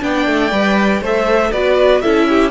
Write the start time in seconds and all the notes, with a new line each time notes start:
0.00 B3 D4 D5 G5
0.27 A3
0.52 G3 B4
1.01 A3 A4 C5 E5
1.52 B3 F#4 B4 D5
2.02 C#4 E4 A4 E5
2.29 G4